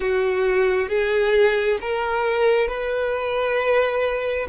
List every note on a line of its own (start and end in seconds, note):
0.00 0.88 F#4
0.88 1.78 G#4
1.81 2.68 A#4
2.68 4.47 B4